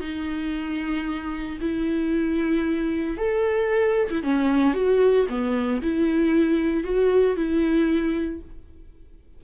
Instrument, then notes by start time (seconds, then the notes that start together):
viola
0.00 D#4
1.61 E4
3.17 A4
4.10 E4
4.23 C#4
4.74 F#4
5.28 B3
5.81 E4
6.84 F#4
7.36 E4